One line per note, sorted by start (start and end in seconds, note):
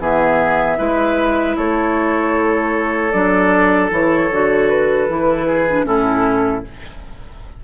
0.00 0.78 E3
0.00 0.77 B3
0.00 0.78 G#4
0.00 1.57 E5
0.77 1.57 G#3
0.77 3.11 E4
0.77 1.56 B4
1.57 3.14 A3
1.57 5.47 A4
1.57 3.12 C#5
3.12 3.91 F#3
3.12 3.91 D4
3.12 3.90 D5
3.91 4.30 E3
3.91 4.30 E4
3.91 4.69 C#5
4.31 5.09 D3
4.31 5.09 F#4
4.69 5.86 B4
5.09 5.86 E3
5.09 5.67 E4
5.47 5.86 G#4
5.69 5.85 D4
5.85 6.64 A2
5.85 6.63 C#4
5.85 6.64 E4
5.85 6.64 A4